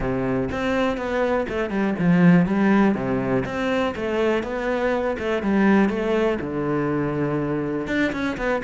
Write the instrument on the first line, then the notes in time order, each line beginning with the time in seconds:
cello
0.00 C3
0.51 C4
0.97 B3
1.48 A3
1.70 G3
1.98 F3
2.46 G3
2.95 C3
3.45 C4
3.95 A3
4.43 B3
5.18 A3
5.42 G3
5.89 A3
6.40 D3
7.87 D4
8.12 C#4
8.37 B3